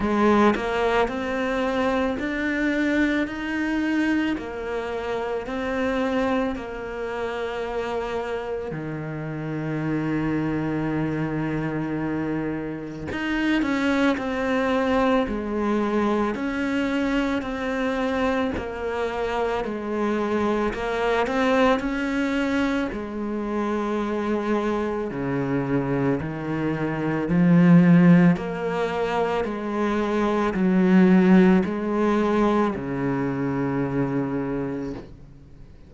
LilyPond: \new Staff \with { instrumentName = "cello" } { \time 4/4 \tempo 4 = 55 gis8 ais8 c'4 d'4 dis'4 | ais4 c'4 ais2 | dis1 | dis'8 cis'8 c'4 gis4 cis'4 |
c'4 ais4 gis4 ais8 c'8 | cis'4 gis2 cis4 | dis4 f4 ais4 gis4 | fis4 gis4 cis2 | }